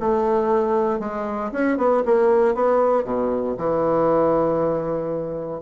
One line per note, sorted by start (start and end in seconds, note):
0.00 1.00 A3
1.00 1.51 G#3
1.52 1.77 C#4
1.78 2.03 B3
2.05 2.55 A#3
2.55 3.04 B3
3.04 3.56 B2
3.58 5.62 E3